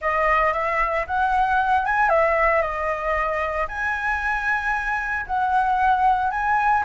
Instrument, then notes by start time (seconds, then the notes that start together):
flute
0.01 D#5
0.53 E5
1.06 F#5
1.85 G#5
2.09 E5
2.62 D#5
3.68 G#5
5.26 F#5
6.30 G#5